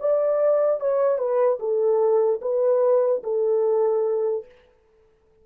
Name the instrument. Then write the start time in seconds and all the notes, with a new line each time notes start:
horn
0.00 D5
0.80 C#5
1.18 B4
1.60 A4
2.42 B4
3.24 A4